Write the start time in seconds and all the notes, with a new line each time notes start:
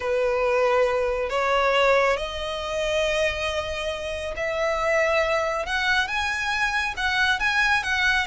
0.00 B4
1.29 C#5
2.17 D#5
4.36 E5
5.66 F#5
6.07 G#5
6.96 F#5
7.39 G#5
7.83 F#5